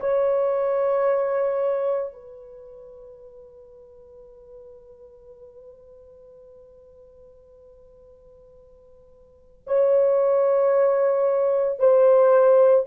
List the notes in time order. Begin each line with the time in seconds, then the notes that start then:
0.00 C#5
2.12 B4
9.67 C#5
11.79 C5